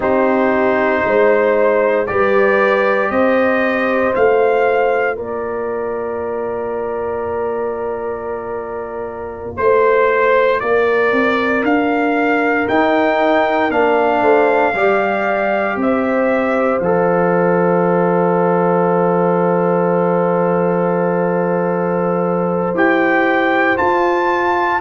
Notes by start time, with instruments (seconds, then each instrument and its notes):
0.00 tuba C4, trombone D#4, horn G4, trumpet C5
1.04 tuba G#3, horn C5
2.06 tuba G3, trombone G4, horn B4, trumpet D5
3.10 tuba C4, horn C5, trumpet D#5
4.13 tuba A3, trombone F4, trumpet F5
5.16 tuba A#3, horn A#4, trumpet D5
9.56 tuba A3, horn C5, trumpet C5
10.60 tuba A#3, horn A#4, trumpet D5
11.12 tuba C4
11.62 tuba D4, trumpet F5
12.68 tuba D#4, trombone D#4, trumpet G5
13.70 tuba A#3, trombone D4, trumpet F5
14.20 tuba A3, horn C5
14.73 tuba G3, trombone G4, horn D5
15.76 tuba C4, horn C5, trumpet E5
16.78 tuba F3, trombone A4, trumpet F5
22.74 tuba E4, trombone G4, trumpet G5
23.77 trombone F4, tuba F4, trumpet A5